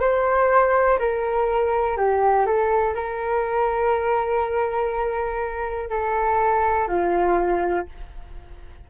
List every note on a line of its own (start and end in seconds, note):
0.00 0.98 C5
0.99 1.97 A#4
1.97 2.46 G4
2.46 2.95 A4
2.95 5.90 A#4
5.90 6.88 A4
6.88 7.86 F4